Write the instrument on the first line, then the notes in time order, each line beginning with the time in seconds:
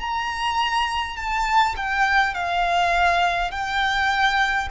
violin
0.00 A#5
1.17 A5
1.76 G5
2.34 F5
3.51 G5